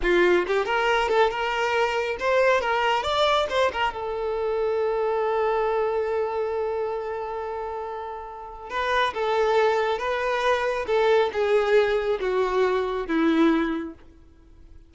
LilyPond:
\new Staff \with { instrumentName = "violin" } { \time 4/4 \tempo 4 = 138 f'4 g'8 ais'4 a'8 ais'4~ | ais'4 c''4 ais'4 d''4 | c''8 ais'8 a'2.~ | a'1~ |
a'1 | b'4 a'2 b'4~ | b'4 a'4 gis'2 | fis'2 e'2 | }